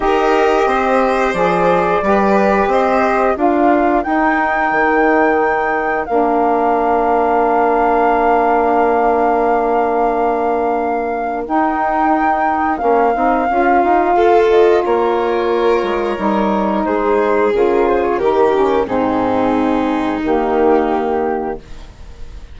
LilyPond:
<<
  \new Staff \with { instrumentName = "flute" } { \time 4/4 \tempo 4 = 89 dis''2 d''2 | dis''4 f''4 g''2~ | g''4 f''2.~ | f''1~ |
f''4 g''2 f''4~ | f''4. dis''8 cis''2~ | cis''4 c''4 ais'8 c''16 cis''16 ais'4 | gis'2 g'2 | }
  \new Staff \with { instrumentName = "violin" } { \time 4/4 ais'4 c''2 b'4 | c''4 ais'2.~ | ais'1~ | ais'1~ |
ais'1~ | ais'4 a'4 ais'2~ | ais'4 gis'2 g'4 | dis'1 | }
  \new Staff \with { instrumentName = "saxophone" } { \time 4/4 g'2 gis'4 g'4~ | g'4 f'4 dis'2~ | dis'4 d'2.~ | d'1~ |
d'4 dis'2 cis'8 dis'8 | f'1 | dis'2 f'4 dis'8 cis'8 | c'2 ais2 | }
  \new Staff \with { instrumentName = "bassoon" } { \time 4/4 dis'4 c'4 f4 g4 | c'4 d'4 dis'4 dis4~ | dis4 ais2.~ | ais1~ |
ais4 dis'2 ais8 c'8 | cis'8 dis'8 f'4 ais4. gis8 | g4 gis4 cis4 dis4 | gis,2 dis2 | }
>>